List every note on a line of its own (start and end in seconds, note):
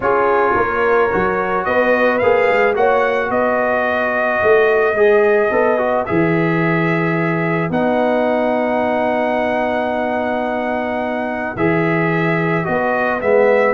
0.00 0.54 C#4
0.00 1.11 F4
0.00 0.55 G#4
0.00 1.65 C#5
0.55 1.11 A#3
0.55 1.65 A#4
1.11 1.66 F#3
1.11 2.21 F#4
1.65 2.21 B3
1.65 2.77 B4
1.65 2.18 D#5
2.18 2.49 A#3
2.18 2.75 G#4
2.18 2.73 F5
2.50 2.75 G#3
2.75 3.30 A#3
2.75 4.95 F#4
2.75 3.28 C#5
2.75 3.30 F#5
3.28 4.40 B3
3.28 13.73 B4
3.28 6.05 D#5
4.42 4.93 A3
4.93 5.48 G#3
4.93 5.51 G#4
5.51 6.06 B3
5.51 5.78 A4
5.78 6.05 F#4
6.05 7.69 E3
6.05 7.71 G#4
6.05 7.70 E5
7.69 11.54 B3
7.69 11.56 D#4
7.69 11.56 F#5
11.56 12.66 E3
11.56 12.64 G#4
11.56 12.65 E5
12.64 13.22 B3
12.64 13.19 F#4
12.64 13.20 D#5
13.20 13.73 G#3
13.20 13.73 B3
13.20 13.73 E5